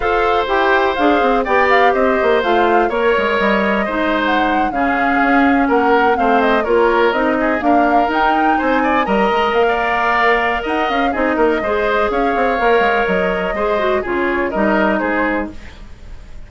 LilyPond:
<<
  \new Staff \with { instrumentName = "flute" } { \time 4/4 \tempo 4 = 124 f''4 g''4 f''4 g''8 f''8 | dis''4 f''4 cis''4 dis''4~ | dis''8. fis''4 f''2 fis''16~ | fis''8. f''8 dis''8 cis''4 dis''4 f''16~ |
f''8. g''4 gis''4 ais''4 f''16~ | f''2 fis''8 f''8 dis''4~ | dis''4 f''2 dis''4~ | dis''4 cis''4 dis''4 c''4 | }
  \new Staff \with { instrumentName = "oboe" } { \time 4/4 c''2. d''4 | c''2 cis''2 | c''4.~ c''16 gis'2 ais'16~ | ais'8. c''4 ais'4. gis'8 ais'16~ |
ais'4.~ ais'16 c''8 d''8 dis''4~ dis''16 | d''2 dis''4 gis'8 ais'8 | c''4 cis''2. | c''4 gis'4 ais'4 gis'4 | }
  \new Staff \with { instrumentName = "clarinet" } { \time 4/4 a'4 g'4 gis'4 g'4~ | g'4 f'4 ais'2 | dis'4.~ dis'16 cis'2~ cis'16~ | cis'8. c'4 f'4 dis'4 ais16~ |
ais8. dis'2 ais'4~ ais'16~ | ais'2. dis'4 | gis'2 ais'2 | gis'8 fis'8 f'4 dis'2 | }
  \new Staff \with { instrumentName = "bassoon" } { \time 4/4 f'4 e'4 d'8 c'8 b4 | c'8 ais8 a4 ais8 gis8 g4 | gis4.~ gis16 cis4 cis'4 ais16~ | ais8. a4 ais4 c'4 d'16~ |
d'8. dis'4 c'4 g8 gis8 ais16~ | ais2 dis'8 cis'8 c'8 ais8 | gis4 cis'8 c'8 ais8 gis8 fis4 | gis4 cis4 g4 gis4 | }
>>